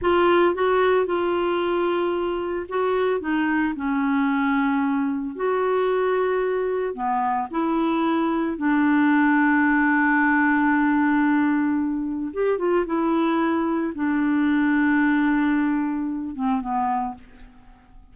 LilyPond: \new Staff \with { instrumentName = "clarinet" } { \time 4/4 \tempo 4 = 112 f'4 fis'4 f'2~ | f'4 fis'4 dis'4 cis'4~ | cis'2 fis'2~ | fis'4 b4 e'2 |
d'1~ | d'2. g'8 f'8 | e'2 d'2~ | d'2~ d'8 c'8 b4 | }